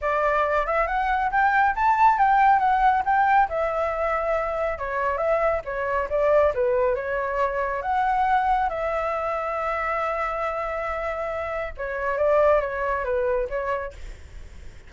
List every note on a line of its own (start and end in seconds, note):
0.01 0.66 D5
0.66 0.87 E5
0.87 1.30 F#5
1.31 1.74 G5
1.75 2.18 A5
2.18 2.59 G5
2.59 3.02 F#5
3.05 3.48 G5
3.48 4.78 E5
4.78 5.17 C#5
5.17 5.61 E5
5.64 6.08 C#5
6.09 6.53 D5
6.54 6.95 B4
6.95 7.82 C#5
7.82 8.69 F#5
8.69 11.73 E5
11.77 12.17 C#5
12.17 12.60 D5
12.60 13.04 C#5
13.04 13.48 B4
13.49 13.92 C#5